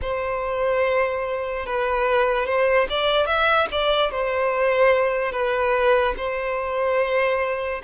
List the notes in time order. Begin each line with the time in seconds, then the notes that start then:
0.01 C5
1.66 B4
2.45 C5
2.90 D5
3.26 E5
3.71 D5
4.11 C5
5.32 B4
6.17 C5